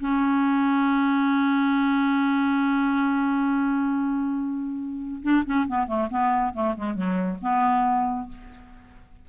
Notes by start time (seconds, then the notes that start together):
0.00 C#4
5.23 D4
5.46 C#4
5.68 B3
5.87 A3
6.10 B3
6.54 A3
6.77 G#3
6.95 F#3
7.42 B3